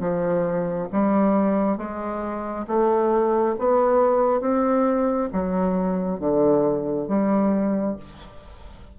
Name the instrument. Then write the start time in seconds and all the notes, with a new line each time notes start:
bassoon
0.00 F3
0.93 G3
1.78 G#3
2.68 A3
3.59 B3
4.41 C4
5.33 F#3
6.20 D3
7.08 G3